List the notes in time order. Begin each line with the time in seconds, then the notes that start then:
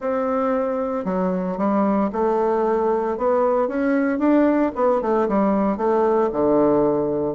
0.00 C4
1.04 F#3
1.57 G3
2.12 A3
3.17 B3
3.68 C#4
4.18 D4
4.75 B3
5.01 A3
5.28 G3
5.77 A3
6.32 D3